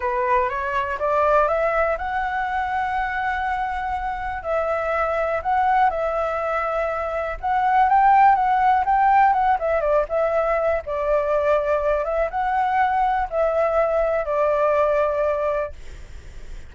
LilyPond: \new Staff \with { instrumentName = "flute" } { \time 4/4 \tempo 4 = 122 b'4 cis''4 d''4 e''4 | fis''1~ | fis''4 e''2 fis''4 | e''2. fis''4 |
g''4 fis''4 g''4 fis''8 e''8 | d''8 e''4. d''2~ | d''8 e''8 fis''2 e''4~ | e''4 d''2. | }